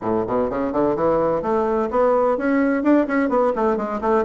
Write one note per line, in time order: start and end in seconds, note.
0.01 0.25 A2
0.27 0.49 B2
0.49 0.72 C#3
0.72 0.95 D3
0.95 1.42 E3
1.42 1.89 A3
1.90 2.37 B3
2.37 2.83 C#4
2.83 3.06 D4
3.07 3.29 C#4
3.29 3.53 B3
3.55 3.76 A3
3.76 4.00 G#3
4.01 4.24 A3